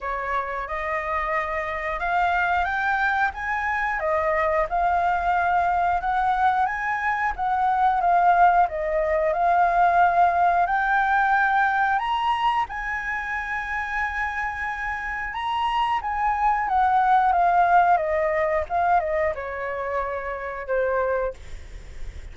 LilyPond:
\new Staff \with { instrumentName = "flute" } { \time 4/4 \tempo 4 = 90 cis''4 dis''2 f''4 | g''4 gis''4 dis''4 f''4~ | f''4 fis''4 gis''4 fis''4 | f''4 dis''4 f''2 |
g''2 ais''4 gis''4~ | gis''2. ais''4 | gis''4 fis''4 f''4 dis''4 | f''8 dis''8 cis''2 c''4 | }